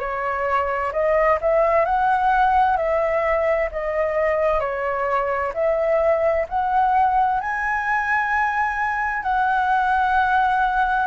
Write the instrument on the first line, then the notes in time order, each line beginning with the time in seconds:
flute
0.00 C#5
0.93 D#5
1.41 E5
1.85 F#5
2.77 E5
3.72 D#5
4.60 C#5
5.55 E5
6.49 F#5
7.41 G#5
9.23 F#5